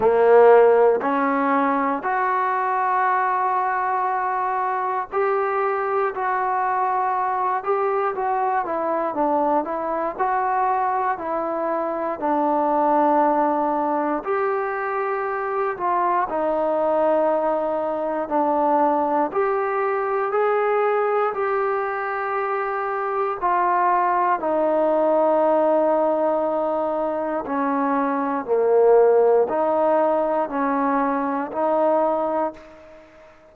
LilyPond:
\new Staff \with { instrumentName = "trombone" } { \time 4/4 \tempo 4 = 59 ais4 cis'4 fis'2~ | fis'4 g'4 fis'4. g'8 | fis'8 e'8 d'8 e'8 fis'4 e'4 | d'2 g'4. f'8 |
dis'2 d'4 g'4 | gis'4 g'2 f'4 | dis'2. cis'4 | ais4 dis'4 cis'4 dis'4 | }